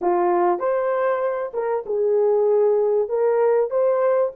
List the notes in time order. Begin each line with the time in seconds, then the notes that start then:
0.01 F4
0.59 C5
1.53 A#4
1.86 G#4
3.08 A#4
3.70 C5